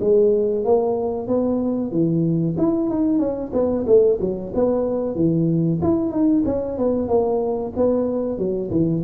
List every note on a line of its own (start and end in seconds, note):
0.00 0.64 G#3
0.64 1.27 A#3
1.27 1.91 B3
1.91 2.56 E3
2.57 2.90 E4
2.90 3.19 D#4
3.19 3.51 C#4
3.53 3.85 B3
3.86 4.18 A3
4.20 4.52 F#3
4.55 5.15 B3
5.15 5.79 E3
5.82 6.11 E4
6.11 6.43 D#4
6.45 6.78 C#4
6.78 7.08 B3
7.08 7.72 A#3
7.76 8.38 B3
8.38 8.70 F#3
8.70 9.03 E3